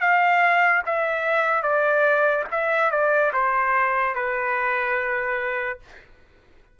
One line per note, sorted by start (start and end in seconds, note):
0.00 0.82 F5
0.86 1.62 E5
1.62 2.44 D5
2.51 2.91 E5
2.91 3.32 D5
3.33 4.15 C5
4.15 5.79 B4